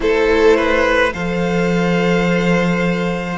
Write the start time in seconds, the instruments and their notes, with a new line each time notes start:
0.00 cello A3, viola E4, violin A4 C5
0.56 violin B4
1.13 cello F3, viola A4, violin C5 F5